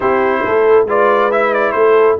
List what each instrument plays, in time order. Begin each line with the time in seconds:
0.00 tuba C4, trombone E4, horn G4, trumpet C5
0.45 tuba A3, horn A4
0.84 tuba G#3, trombone F4, horn B4, trumpet D5
1.31 trombone E4, trumpet E5
1.53 trumpet D5
1.71 tuba A3, horn A4, trumpet C5